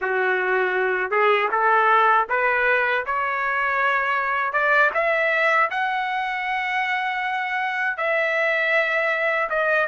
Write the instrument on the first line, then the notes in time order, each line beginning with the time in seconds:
trumpet
0.01 F#4
1.10 G#4
1.51 A4
2.29 B4
3.06 C#5
4.52 D5
4.94 E5
5.70 F#5
7.97 E5
9.49 D#5